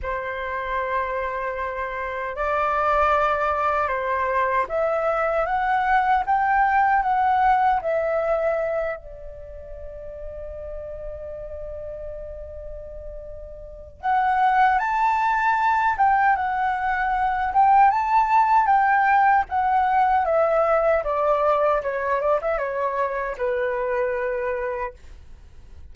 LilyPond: \new Staff \with { instrumentName = "flute" } { \time 4/4 \tempo 4 = 77 c''2. d''4~ | d''4 c''4 e''4 fis''4 | g''4 fis''4 e''4. d''8~ | d''1~ |
d''2 fis''4 a''4~ | a''8 g''8 fis''4. g''8 a''4 | g''4 fis''4 e''4 d''4 | cis''8 d''16 e''16 cis''4 b'2 | }